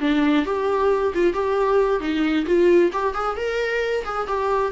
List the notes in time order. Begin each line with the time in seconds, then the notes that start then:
0.00 D4
0.45 G4
1.14 F4
1.33 G4
2.00 D#4
2.46 F4
2.92 G4
3.14 G#4
3.36 A#4
4.04 G#4
4.27 G4